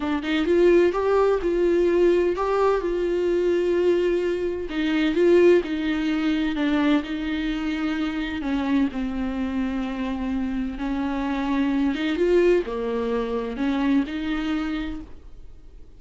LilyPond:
\new Staff \with { instrumentName = "viola" } { \time 4/4 \tempo 4 = 128 d'8 dis'8 f'4 g'4 f'4~ | f'4 g'4 f'2~ | f'2 dis'4 f'4 | dis'2 d'4 dis'4~ |
dis'2 cis'4 c'4~ | c'2. cis'4~ | cis'4. dis'8 f'4 ais4~ | ais4 cis'4 dis'2 | }